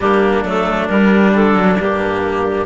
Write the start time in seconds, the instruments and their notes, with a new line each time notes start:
0.00 bassoon G3, cello A#3, oboe D4, clarinet G4
0.43 bassoon F#3, cello A3, clarinet A4
0.87 cello G3, bassoon G3, clarinet A#4
1.34 bassoon D3, clarinet A4
1.53 cello F#3
1.77 bassoon G2, cello A#3, clarinet G4